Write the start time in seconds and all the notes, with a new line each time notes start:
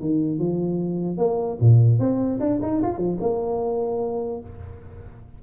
0.00 D#3
0.39 F3
1.17 A#3
1.60 A#2
1.99 C4
2.40 D4
2.62 D#4
2.82 F4
2.97 F3
3.20 A#3